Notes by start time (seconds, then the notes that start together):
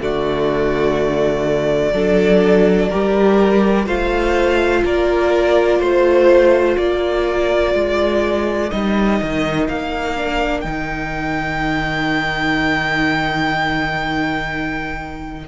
0.00 D3 A3 F#4 D5
1.93 F#3 D4 A4
2.89 G3 G4 A#4
3.86 A3 F4 C5 F5
4.84 A#3 A#4 D5
5.78 A3 C5
6.75 A#3 A#4 D5
7.74 G#3
8.70 G3 D#4 D#5
9.22 D#3
9.68 A#3 F5
10.17 D4
10.61 D#3 D#4 G5